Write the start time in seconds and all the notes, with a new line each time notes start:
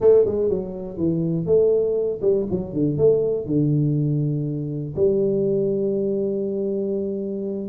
0.00 A3
0.25 G#3
0.49 F#3
0.97 E3
1.46 A3
2.21 G3
2.50 F#3
2.73 D3
2.97 A3
3.46 D3
4.96 G3